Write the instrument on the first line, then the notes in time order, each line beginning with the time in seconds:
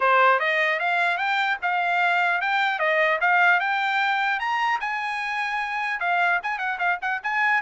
trumpet
0.00 C5
0.39 D#5
0.79 F5
1.17 G5
1.61 F5
2.41 G5
2.79 D#5
3.20 F5
3.60 G5
4.39 A#5
4.80 G#5
6.00 F5
6.42 G#5
6.58 F#5
6.78 F5
7.01 F#5
7.23 G#5